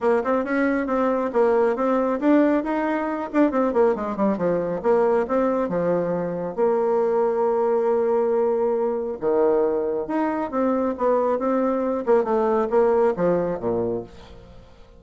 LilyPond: \new Staff \with { instrumentName = "bassoon" } { \time 4/4 \tempo 4 = 137 ais8 c'8 cis'4 c'4 ais4 | c'4 d'4 dis'4. d'8 | c'8 ais8 gis8 g8 f4 ais4 | c'4 f2 ais4~ |
ais1~ | ais4 dis2 dis'4 | c'4 b4 c'4. ais8 | a4 ais4 f4 ais,4 | }